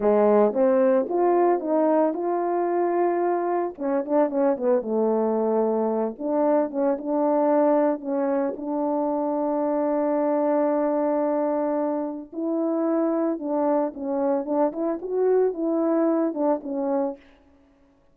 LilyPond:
\new Staff \with { instrumentName = "horn" } { \time 4/4 \tempo 4 = 112 gis4 c'4 f'4 dis'4 | f'2. cis'8 d'8 | cis'8 b8 a2~ a8 d'8~ | d'8 cis'8 d'2 cis'4 |
d'1~ | d'2. e'4~ | e'4 d'4 cis'4 d'8 e'8 | fis'4 e'4. d'8 cis'4 | }